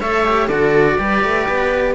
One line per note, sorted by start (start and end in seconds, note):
0.00 0.49 A3
0.00 0.24 A4
0.00 0.47 C#5
0.00 0.48 E5
0.24 0.48 G4
0.47 0.97 D3
0.47 0.99 F#4
0.47 0.96 A4
0.47 1.94 D5
0.99 1.23 G3
0.99 1.94 G4
0.99 1.94 B4
1.23 1.48 A3
1.48 1.94 B3